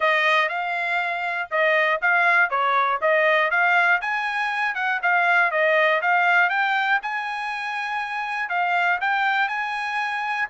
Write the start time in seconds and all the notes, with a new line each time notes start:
0.00 D#5
0.48 F5
1.50 D#5
2.01 F5
2.50 C#5
3.01 D#5
3.50 F5
4.01 G#5
4.75 F#5
5.02 F5
5.51 D#5
6.01 F5
6.49 G5
7.02 G#5
8.49 F5
9.00 G5
9.48 G#5